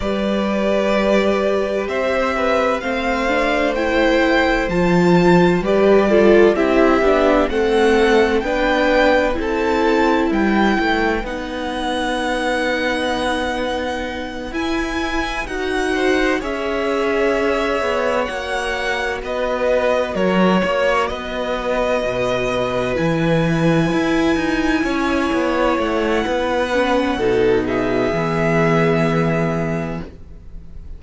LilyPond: <<
  \new Staff \with { instrumentName = "violin" } { \time 4/4 \tempo 4 = 64 d''2 e''4 f''4 | g''4 a''4 d''4 e''4 | fis''4 g''4 a''4 g''4 | fis''2.~ fis''8 gis''8~ |
gis''8 fis''4 e''2 fis''8~ | fis''8 dis''4 cis''4 dis''4.~ | dis''8 gis''2. fis''8~ | fis''4. e''2~ e''8 | }
  \new Staff \with { instrumentName = "violin" } { \time 4/4 b'2 c''8 b'8 c''4~ | c''2 b'8 a'8 g'4 | a'4 b'4 a'4 b'4~ | b'1~ |
b'4 c''8 cis''2~ cis''8~ | cis''8 b'4 ais'8 cis''8 b'4.~ | b'2~ b'8 cis''4. | b'4 a'8 gis'2~ gis'8 | }
  \new Staff \with { instrumentName = "viola" } { \time 4/4 g'2. c'8 d'8 | e'4 f'4 g'8 f'8 e'8 d'8 | c'4 d'4 e'2 | dis'2.~ dis'8 e'8~ |
e'8 fis'4 gis'2 fis'8~ | fis'1~ | fis'8 e'2.~ e'8~ | e'8 cis'8 dis'4 b2 | }
  \new Staff \with { instrumentName = "cello" } { \time 4/4 g2 c'4 a4~ | a4 f4 g4 c'8 b8 | a4 b4 c'4 g8 a8 | b2.~ b8 e'8~ |
e'8 dis'4 cis'4. b8 ais8~ | ais8 b4 fis8 ais8 b4 b,8~ | b,8 e4 e'8 dis'8 cis'8 b8 a8 | b4 b,4 e2 | }
>>